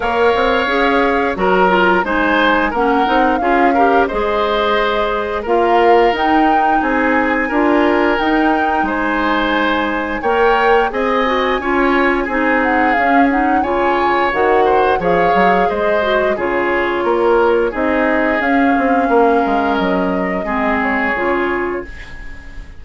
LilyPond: <<
  \new Staff \with { instrumentName = "flute" } { \time 4/4 \tempo 4 = 88 f''2 ais''4 gis''4 | fis''4 f''4 dis''2 | f''4 g''4 gis''2 | g''4 gis''2 g''4 |
gis''2~ gis''8 fis''8 f''8 fis''8 | gis''4 fis''4 f''4 dis''4 | cis''2 dis''4 f''4~ | f''4 dis''4. cis''4. | }
  \new Staff \with { instrumentName = "oboe" } { \time 4/4 cis''2 ais'4 c''4 | ais'4 gis'8 ais'8 c''2 | ais'2 gis'4 ais'4~ | ais'4 c''2 cis''4 |
dis''4 cis''4 gis'2 | cis''4. c''8 cis''4 c''4 | gis'4 ais'4 gis'2 | ais'2 gis'2 | }
  \new Staff \with { instrumentName = "clarinet" } { \time 4/4 ais'4 gis'4 fis'8 f'8 dis'4 | cis'8 dis'8 f'8 g'8 gis'2 | f'4 dis'2 f'4 | dis'2. ais'4 |
gis'8 fis'8 f'4 dis'4 cis'8 dis'8 | f'4 fis'4 gis'4. fis'8 | f'2 dis'4 cis'4~ | cis'2 c'4 f'4 | }
  \new Staff \with { instrumentName = "bassoon" } { \time 4/4 ais8 c'8 cis'4 fis4 gis4 | ais8 c'8 cis'4 gis2 | ais4 dis'4 c'4 d'4 | dis'4 gis2 ais4 |
c'4 cis'4 c'4 cis'4 | cis4 dis4 f8 fis8 gis4 | cis4 ais4 c'4 cis'8 c'8 | ais8 gis8 fis4 gis4 cis4 | }
>>